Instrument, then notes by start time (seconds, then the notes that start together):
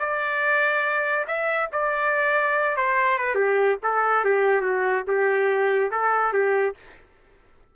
trumpet
0.00 D5
1.28 E5
1.72 D5
2.77 C5
3.18 B4
3.35 G4
3.83 A4
4.25 G4
4.62 F#4
5.08 G4
5.91 A4
6.33 G4